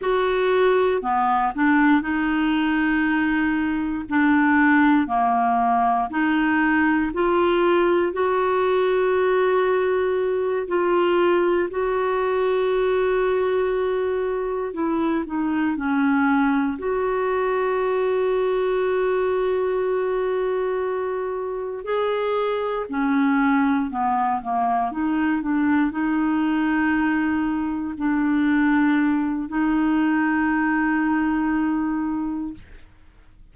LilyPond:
\new Staff \with { instrumentName = "clarinet" } { \time 4/4 \tempo 4 = 59 fis'4 b8 d'8 dis'2 | d'4 ais4 dis'4 f'4 | fis'2~ fis'8 f'4 fis'8~ | fis'2~ fis'8 e'8 dis'8 cis'8~ |
cis'8 fis'2.~ fis'8~ | fis'4. gis'4 cis'4 b8 | ais8 dis'8 d'8 dis'2 d'8~ | d'4 dis'2. | }